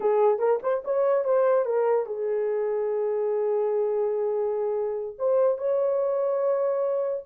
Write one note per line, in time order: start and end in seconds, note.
0.00 0.38 G#4
0.38 0.59 A#4
0.62 0.83 C5
0.84 1.24 C#5
1.24 1.65 C5
1.65 2.06 A#4
2.06 5.16 G#4
5.18 5.58 C5
5.58 7.23 C#5